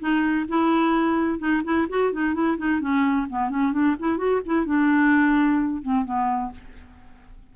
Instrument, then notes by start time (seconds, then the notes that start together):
clarinet
0.00 D#4
0.48 E4
1.39 D#4
1.64 E4
1.90 F#4
2.13 D#4
2.34 E4
2.58 D#4
2.81 C#4
3.29 B3
3.50 C#4
3.73 D4
4.00 E4
4.18 F#4
4.46 E4
4.66 D4
5.82 C4
6.05 B3